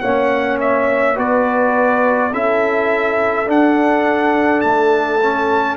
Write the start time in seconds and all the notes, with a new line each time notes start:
0.00 A#3 C#4 C#5 F#5
0.60 E5
1.15 B3 F#4 B4 D5
2.33 C#4 E4 A4 E5
3.46 D4 F#5
4.61 A3 A5
5.23 C#4